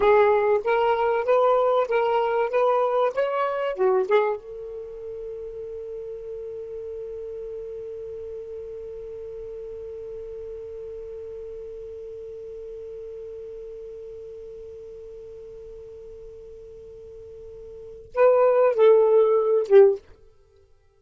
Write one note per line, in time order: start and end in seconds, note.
0.00 0.61 G#4
0.64 1.24 A#4
1.24 1.87 B4
1.88 2.50 A#4
2.50 3.12 B4
3.14 3.74 C#5
3.74 4.05 F#4
4.08 4.36 G#4
4.36 18.11 A4
18.14 18.75 B4
18.75 19.66 A4
19.66 19.98 G4